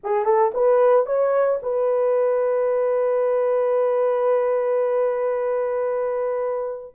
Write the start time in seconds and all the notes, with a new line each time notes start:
0.03 G#4
0.24 A4
0.54 B4
1.06 C#5
1.62 B4